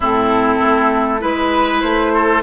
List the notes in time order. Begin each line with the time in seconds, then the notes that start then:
0.00 A2 C4 E4 A4
0.61 A3
1.19 G#3 E4 B4
1.81 A3 C5
2.14 A4